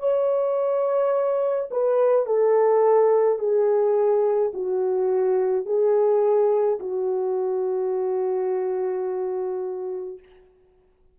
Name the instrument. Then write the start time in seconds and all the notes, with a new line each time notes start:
horn
0.00 C#5
1.71 B4
2.26 A4
3.39 G#4
4.54 F#4
5.66 G#4
6.80 F#4